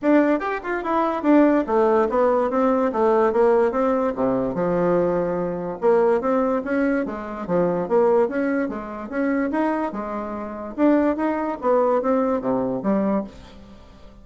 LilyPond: \new Staff \with { instrumentName = "bassoon" } { \time 4/4 \tempo 4 = 145 d'4 g'8 f'8 e'4 d'4 | a4 b4 c'4 a4 | ais4 c'4 c4 f4~ | f2 ais4 c'4 |
cis'4 gis4 f4 ais4 | cis'4 gis4 cis'4 dis'4 | gis2 d'4 dis'4 | b4 c'4 c4 g4 | }